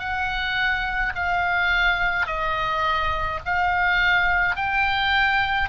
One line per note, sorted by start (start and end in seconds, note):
0.00 1.13 F#5
1.15 2.27 F5
2.27 3.40 D#5
3.45 4.56 F5
4.56 5.69 G5